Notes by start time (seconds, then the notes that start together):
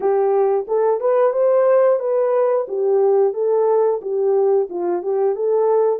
0.00 G4
0.67 A4
1.00 B4
1.32 C5
1.99 B4
2.68 G4
3.33 A4
4.01 G4
4.69 F4
5.02 G4
5.35 A4